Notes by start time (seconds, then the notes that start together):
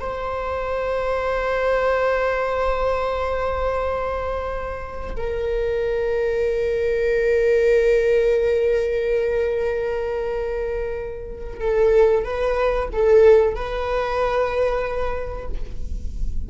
0.00 C5
5.16 A#4
11.60 A4
12.24 B4
12.93 A4
13.55 B4